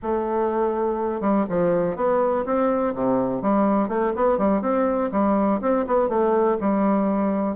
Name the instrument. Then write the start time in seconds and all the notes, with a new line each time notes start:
bassoon
0.02 A3
1.20 G3
1.49 F3
1.96 B3
2.45 C4
2.94 C3
3.41 G3
3.88 A3
4.15 B3
4.37 G3
4.61 C4
5.11 G3
5.61 C4
5.86 B3
6.08 A3
6.60 G3